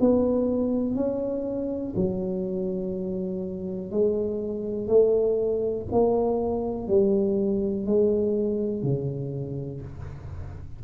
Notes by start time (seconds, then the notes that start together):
0.00 B3
0.95 C#4
1.96 F#3
3.91 G#3
4.87 A3
5.92 A#3
6.88 G3
7.86 G#3
8.83 C#3